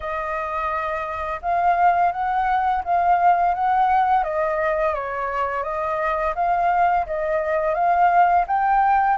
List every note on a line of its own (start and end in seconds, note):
0.00 1.40 D#5
1.41 2.12 F5
2.12 2.82 F#5
2.84 3.54 F5
3.54 4.24 F#5
4.24 4.94 D#5
4.94 5.63 C#5
5.63 6.33 D#5
6.35 7.06 F5
7.06 7.74 D#5
7.74 8.45 F5
8.47 9.17 G5